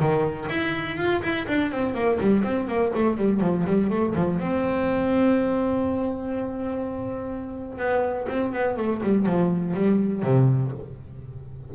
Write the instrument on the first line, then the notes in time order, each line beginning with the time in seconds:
double bass
0.00 D#3
0.50 E4
0.98 F4
1.23 E4
1.48 D4
1.72 C4
1.95 A#3
2.21 G3
2.44 C4
2.68 A#3
2.96 A3
3.18 G3
3.41 F3
3.67 G3
3.90 A3
4.16 F3
4.40 C4
7.79 B3
8.29 C4
8.53 B3
8.78 A3
9.03 G3
9.26 F3
9.74 G3
10.23 C3